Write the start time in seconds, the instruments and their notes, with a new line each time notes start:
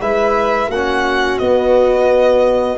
0.00 tuba G#3, trombone E4, viola B4, violin E5
0.68 tuba A#3, viola F#4, violin F#5
0.75 trombone C#4
1.38 tuba B3, trombone B3, violin D#5